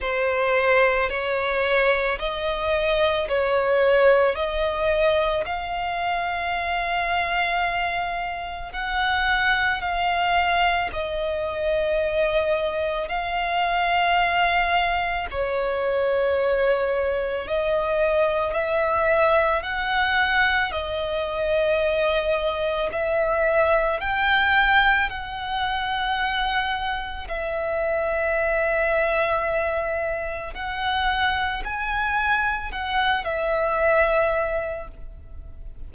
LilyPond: \new Staff \with { instrumentName = "violin" } { \time 4/4 \tempo 4 = 55 c''4 cis''4 dis''4 cis''4 | dis''4 f''2. | fis''4 f''4 dis''2 | f''2 cis''2 |
dis''4 e''4 fis''4 dis''4~ | dis''4 e''4 g''4 fis''4~ | fis''4 e''2. | fis''4 gis''4 fis''8 e''4. | }